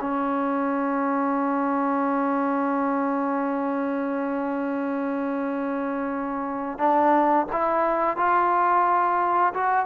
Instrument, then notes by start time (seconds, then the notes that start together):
trombone
0.00 C#4
6.78 D4
7.52 E4
8.17 F4
9.54 F#4